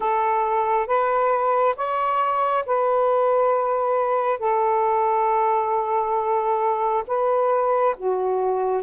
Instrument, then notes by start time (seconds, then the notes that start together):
saxophone
0.00 A4
0.86 B4
1.76 C#5
2.66 B4
4.39 A4
7.07 B4
7.97 F#4